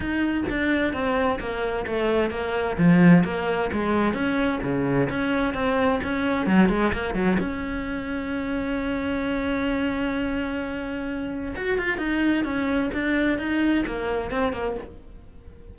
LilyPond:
\new Staff \with { instrumentName = "cello" } { \time 4/4 \tempo 4 = 130 dis'4 d'4 c'4 ais4 | a4 ais4 f4 ais4 | gis4 cis'4 cis4 cis'4 | c'4 cis'4 fis8 gis8 ais8 fis8 |
cis'1~ | cis'1~ | cis'4 fis'8 f'8 dis'4 cis'4 | d'4 dis'4 ais4 c'8 ais8 | }